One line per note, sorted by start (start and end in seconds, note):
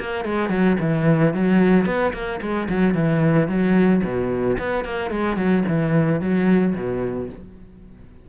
0.00 0.25 A#3
0.25 0.50 G#3
0.50 0.77 F#3
0.80 1.34 E3
1.34 1.86 F#3
1.86 2.13 B3
2.14 2.41 A#3
2.41 2.68 G#3
2.69 2.94 F#3
2.94 3.48 E3
3.48 4.02 F#3
4.04 4.58 B2
4.59 4.85 B3
4.85 5.11 A#3
5.11 5.37 G#3
5.37 5.64 F#3
5.68 6.21 E3
6.21 6.75 F#3
6.75 7.29 B2